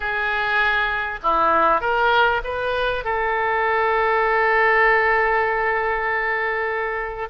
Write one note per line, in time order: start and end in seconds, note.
0.00 1.19 G#4
1.22 1.80 E4
1.80 2.41 A#4
2.44 3.04 B4
3.04 7.28 A4